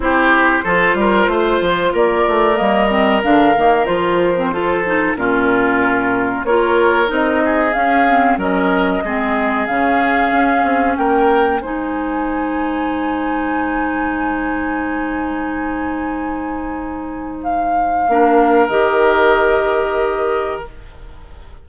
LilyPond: <<
  \new Staff \with { instrumentName = "flute" } { \time 4/4 \tempo 4 = 93 c''2. d''4 | dis''4 f''4 c''2 | ais'2 cis''4 dis''4 | f''4 dis''2 f''4~ |
f''4 g''4 gis''2~ | gis''1~ | gis''2. f''4~ | f''4 dis''2. | }
  \new Staff \with { instrumentName = "oboe" } { \time 4/4 g'4 a'8 ais'8 c''4 ais'4~ | ais'2. a'4 | f'2 ais'4. gis'8~ | gis'4 ais'4 gis'2~ |
gis'4 ais'4 c''2~ | c''1~ | c''1 | ais'1 | }
  \new Staff \with { instrumentName = "clarinet" } { \time 4/4 e'4 f'2. | ais8 c'8 d'8 ais8 f'8. c'16 f'8 dis'8 | cis'2 f'4 dis'4 | cis'8 c'8 cis'4 c'4 cis'4~ |
cis'2 dis'2~ | dis'1~ | dis'1 | d'4 g'2. | }
  \new Staff \with { instrumentName = "bassoon" } { \time 4/4 c'4 f8 g8 a8 f8 ais8 a8 | g4 d8 dis8 f2 | ais,2 ais4 c'4 | cis'4 fis4 gis4 cis4 |
cis'8 c'8 ais4 gis2~ | gis1~ | gis1 | ais4 dis2. | }
>>